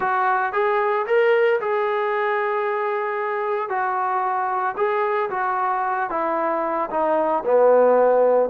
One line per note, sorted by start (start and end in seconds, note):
0.00 0.52 F#4
0.53 1.06 G#4
1.06 1.60 A#4
1.60 3.69 G#4
3.69 4.75 F#4
4.76 5.29 G#4
5.30 6.09 F#4
6.09 6.89 E4
6.90 7.43 D#4
7.44 8.49 B3